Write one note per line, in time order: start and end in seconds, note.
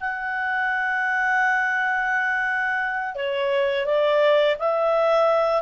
0.00 3.15 F#5
3.15 3.85 C#5
3.85 4.56 D5
4.59 5.62 E5